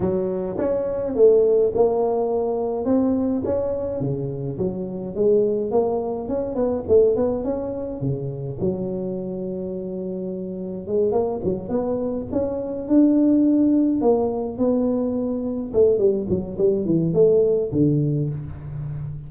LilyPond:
\new Staff \with { instrumentName = "tuba" } { \time 4/4 \tempo 4 = 105 fis4 cis'4 a4 ais4~ | ais4 c'4 cis'4 cis4 | fis4 gis4 ais4 cis'8 b8 | a8 b8 cis'4 cis4 fis4~ |
fis2. gis8 ais8 | fis8 b4 cis'4 d'4.~ | d'8 ais4 b2 a8 | g8 fis8 g8 e8 a4 d4 | }